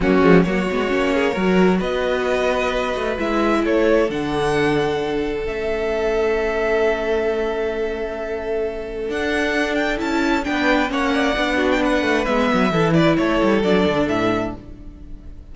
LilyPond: <<
  \new Staff \with { instrumentName = "violin" } { \time 4/4 \tempo 4 = 132 fis'4 cis''2. | dis''2. e''4 | cis''4 fis''2. | e''1~ |
e''1 | fis''4. g''8 a''4 g''4 | fis''4.~ fis''16 g''16 fis''4 e''4~ | e''8 d''8 cis''4 d''4 e''4 | }
  \new Staff \with { instrumentName = "violin" } { \time 4/4 cis'4 fis'4. gis'8 ais'4 | b'1 | a'1~ | a'1~ |
a'1~ | a'2. b'4 | cis''8 d''4 fis'8 b'2 | a'8 b'8 a'2. | }
  \new Staff \with { instrumentName = "viola" } { \time 4/4 ais8 gis8 ais8 b8 cis'4 fis'4~ | fis'2. e'4~ | e'4 d'2. | cis'1~ |
cis'1 | d'2 e'4 d'4 | cis'4 d'2 b4 | e'2 d'2 | }
  \new Staff \with { instrumentName = "cello" } { \time 4/4 fis8 f8 fis8 gis8 ais4 fis4 | b2~ b8 a8 gis4 | a4 d2. | a1~ |
a1 | d'2 cis'4 b4 | ais4 b4. a8 gis8 fis8 | e4 a8 g8 fis8 d8 a,4 | }
>>